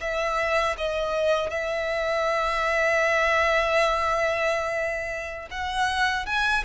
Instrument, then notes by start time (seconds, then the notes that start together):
violin
0.00 E5
0.77 D#5
1.50 E5
5.51 F#5
6.26 G#5